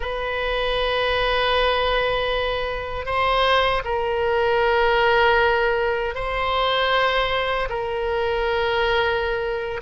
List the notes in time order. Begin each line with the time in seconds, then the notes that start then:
0.00 B4
3.05 C5
3.84 A#4
6.14 C5
7.69 A#4